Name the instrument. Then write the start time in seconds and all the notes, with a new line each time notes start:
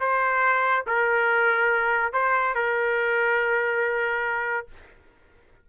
trumpet
0.00 C5
0.87 A#4
2.13 C5
2.55 A#4